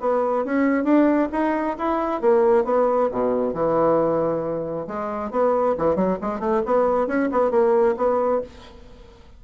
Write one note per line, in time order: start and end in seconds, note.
0.00 0.44 B3
0.45 0.84 C#4
0.84 1.28 D4
1.32 1.76 D#4
1.78 2.21 E4
2.21 2.64 A#3
2.64 3.09 B3
3.12 3.53 B2
3.53 4.87 E3
4.87 5.31 G#3
5.31 5.75 B3
5.78 5.96 E3
5.96 6.18 F#3
6.21 6.40 G#3
6.40 6.62 A3
6.65 7.07 B3
7.07 7.29 C#4
7.32 7.51 B3
7.51 7.95 A#3
7.97 8.41 B3